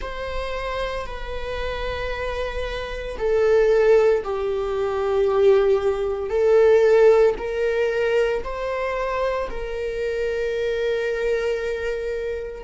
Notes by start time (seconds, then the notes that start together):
0.00 C5
1.06 B4
3.18 A4
4.23 G4
6.29 A4
7.37 A#4
8.43 C5
9.50 A#4